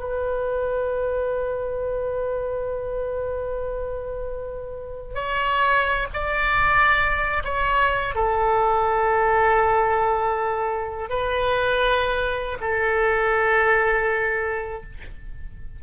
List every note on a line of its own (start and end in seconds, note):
0.00 5.15 B4
5.15 6.07 C#5
6.13 7.43 D5
7.44 8.15 C#5
8.15 11.09 A4
11.09 12.58 B4
12.61 14.83 A4